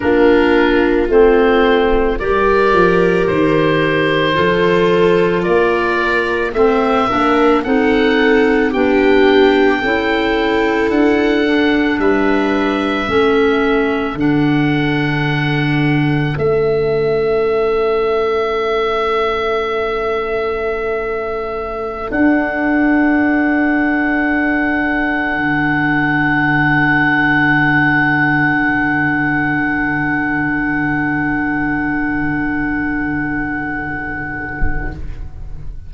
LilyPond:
<<
  \new Staff \with { instrumentName = "oboe" } { \time 4/4 \tempo 4 = 55 ais'4 c''4 d''4 c''4~ | c''4 d''4 e''4 fis''4 | g''2 fis''4 e''4~ | e''4 fis''2 e''4~ |
e''1~ | e''16 fis''2.~ fis''8.~ | fis''1~ | fis''1 | }
  \new Staff \with { instrumentName = "viola" } { \time 4/4 f'2 ais'2 | a'4 ais'4 c''8 ais'8 a'4 | g'4 a'2 b'4 | a'1~ |
a'1~ | a'1~ | a'1~ | a'1 | }
  \new Staff \with { instrumentName = "clarinet" } { \time 4/4 d'4 c'4 g'2 | f'2 c'8 d'8 dis'4 | d'4 e'4. d'4. | cis'4 d'2 cis'4~ |
cis'1~ | cis'16 d'2.~ d'8.~ | d'1~ | d'1 | }
  \new Staff \with { instrumentName = "tuba" } { \time 4/4 ais4 a4 g8 f8 dis4 | f4 ais4 a8 ais8 c'4 | b4 cis'4 d'4 g4 | a4 d2 a4~ |
a1~ | a16 d'2. d8.~ | d1~ | d1 | }
>>